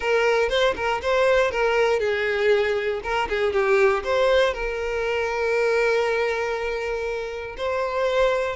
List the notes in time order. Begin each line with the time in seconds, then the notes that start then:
0.00 A#4
0.49 C5
0.75 A#4
1.02 C5
1.51 A#4
1.99 G#4
3.03 A#4
3.29 G#4
3.52 G4
4.03 C5
4.53 A#4
7.57 C5